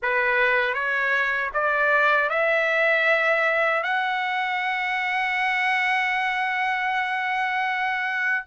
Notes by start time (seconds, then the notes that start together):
0.02 B4
0.73 C#5
1.53 D5
2.29 E5
3.83 F#5